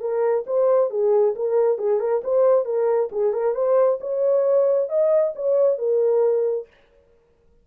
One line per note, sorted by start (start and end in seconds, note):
0.00 0.44 A#4
0.46 0.90 C5
0.90 1.34 G#4
1.35 1.78 A#4
1.78 2.00 G#4
2.00 2.22 A#4
2.24 2.65 C5
2.65 3.09 A#4
3.12 3.33 G#4
3.33 3.54 A#4
3.54 3.99 C5
4.00 4.89 C#5
4.89 5.33 D#5
5.35 5.78 C#5
5.78 6.67 A#4